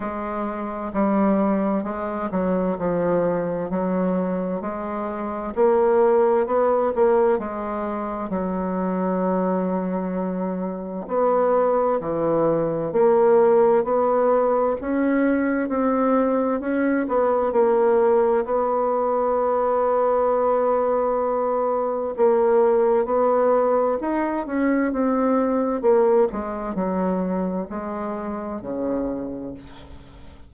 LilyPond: \new Staff \with { instrumentName = "bassoon" } { \time 4/4 \tempo 4 = 65 gis4 g4 gis8 fis8 f4 | fis4 gis4 ais4 b8 ais8 | gis4 fis2. | b4 e4 ais4 b4 |
cis'4 c'4 cis'8 b8 ais4 | b1 | ais4 b4 dis'8 cis'8 c'4 | ais8 gis8 fis4 gis4 cis4 | }